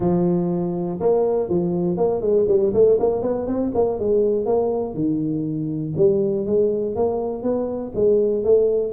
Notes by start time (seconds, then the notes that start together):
0.00 F3
1.00 A#3
1.49 F3
1.97 A#3
2.21 G#3
2.47 G3
2.73 A3
2.99 A#3
3.21 B3
3.47 C4
3.74 A#3
3.99 G#3
4.45 A#3
4.94 D#3
5.96 G3
6.46 G#3
6.95 A#3
7.42 B3
7.94 G#3
8.44 A3